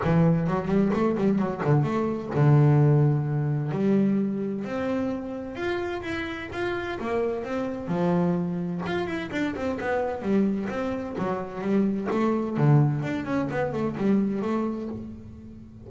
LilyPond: \new Staff \with { instrumentName = "double bass" } { \time 4/4 \tempo 4 = 129 e4 fis8 g8 a8 g8 fis8 d8 | a4 d2. | g2 c'2 | f'4 e'4 f'4 ais4 |
c'4 f2 f'8 e'8 | d'8 c'8 b4 g4 c'4 | fis4 g4 a4 d4 | d'8 cis'8 b8 a8 g4 a4 | }